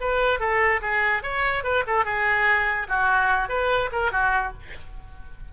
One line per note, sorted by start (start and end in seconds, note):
0.00 0.39 B4
0.39 0.81 A4
0.81 1.22 G#4
1.22 1.63 C#5
1.63 1.84 B4
1.86 2.05 A4
2.05 2.87 G#4
2.88 3.48 F#4
3.48 3.89 B4
3.92 4.11 A#4
4.11 4.52 F#4